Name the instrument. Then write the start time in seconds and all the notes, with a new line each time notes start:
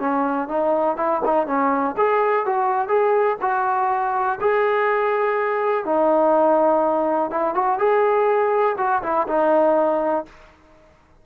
trombone
0.00 C#4
0.48 D#4
0.96 E4
1.25 D#4
1.47 C#4
1.97 G#4
2.46 F#4
2.88 G#4
3.41 F#4
4.40 G#4
5.85 D#4
7.31 E4
7.55 F#4
7.78 G#4
8.78 F#4
9.02 E4
9.28 D#4